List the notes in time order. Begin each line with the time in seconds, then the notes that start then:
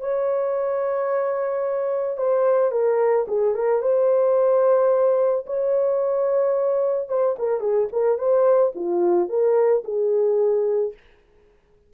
0.00 C#5
2.17 C5
2.71 A#4
3.28 G#4
3.55 A#4
3.82 C5
5.46 C#5
7.08 C5
7.38 A#4
7.60 G#4
7.92 A#4
8.18 C5
8.75 F4
9.29 A#4
9.84 G#4